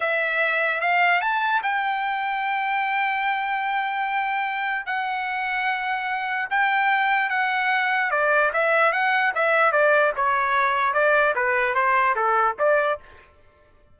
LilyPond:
\new Staff \with { instrumentName = "trumpet" } { \time 4/4 \tempo 4 = 148 e''2 f''4 a''4 | g''1~ | g''1 | fis''1 |
g''2 fis''2 | d''4 e''4 fis''4 e''4 | d''4 cis''2 d''4 | b'4 c''4 a'4 d''4 | }